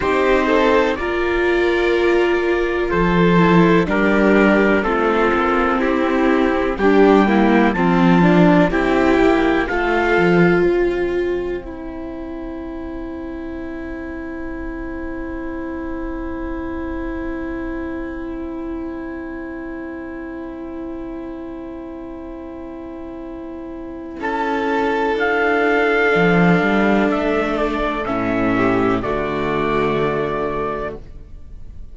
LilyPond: <<
  \new Staff \with { instrumentName = "trumpet" } { \time 4/4 \tempo 4 = 62 c''4 d''2 c''4 | ais'4 a'4 g'4 g''4 | a''4 g''4 f''4 g''4~ | g''1~ |
g''1~ | g''1~ | g''4 a''4 f''2 | e''8 d''8 e''4 d''2 | }
  \new Staff \with { instrumentName = "violin" } { \time 4/4 g'8 a'8 ais'2 a'4 | g'4 f'4 e'4 d'8 e'8 | f'4 g'4 a'4 c''4~ | c''1~ |
c''1~ | c''1~ | c''4 a'2.~ | a'4. g'8 fis'2 | }
  \new Staff \with { instrumentName = "viola" } { \time 4/4 dis'4 f'2~ f'8 e'8 | d'4 c'2 g'8 ais8 | c'8 d'8 e'4 f'2 | e'1~ |
e'1~ | e'1~ | e'2. d'4~ | d'4 cis'4 a2 | }
  \new Staff \with { instrumentName = "cello" } { \time 4/4 c'4 ais2 f4 | g4 a8 ais8 c'4 g4 | f4 c'8 ais8 a8 f8 c'4~ | c'1~ |
c'1~ | c'1~ | c'4 cis'4 d'4 f8 g8 | a4 a,4 d2 | }
>>